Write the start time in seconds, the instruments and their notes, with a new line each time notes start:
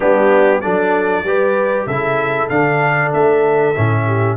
0.00 tuba G3, trombone B3, horn D4, trumpet G4
0.61 tuba F#3, trombone D4, horn A4, trumpet D5
1.23 tuba G3, trombone G4, horn B4
1.86 tuba C#3, trombone E4, horn A4, trumpet E5
2.49 tuba D3, trombone D4, trumpet F5
3.13 tuba A3, trumpet E5
3.77 tuba A2, trombone C#4
4.06 horn G4